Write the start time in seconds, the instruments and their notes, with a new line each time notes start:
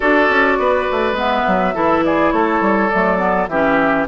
0.00 bassoon D4, clarinet F#4, oboe A4, flute D5
0.29 bassoon C#4
0.58 bassoon B3, oboe B4
0.91 bassoon A3
1.12 bassoon G#3, clarinet B3
1.18 flute E5
1.47 bassoon F#3
1.74 bassoon E3, clarinet E4, oboe A4
2.04 oboe G#4, flute D5
2.31 bassoon A3, oboe A4, flute C#5
2.61 bassoon G3
2.89 bassoon F#3, clarinet A3, flute D5
3.17 clarinet B3
3.48 bassoon E3, clarinet C#4, oboe G4, flute E5